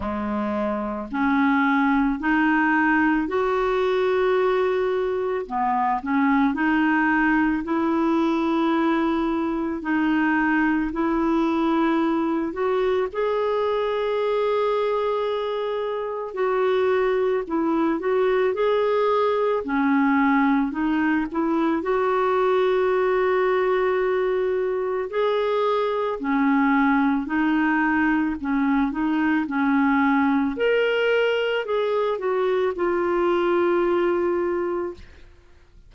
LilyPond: \new Staff \with { instrumentName = "clarinet" } { \time 4/4 \tempo 4 = 55 gis4 cis'4 dis'4 fis'4~ | fis'4 b8 cis'8 dis'4 e'4~ | e'4 dis'4 e'4. fis'8 | gis'2. fis'4 |
e'8 fis'8 gis'4 cis'4 dis'8 e'8 | fis'2. gis'4 | cis'4 dis'4 cis'8 dis'8 cis'4 | ais'4 gis'8 fis'8 f'2 | }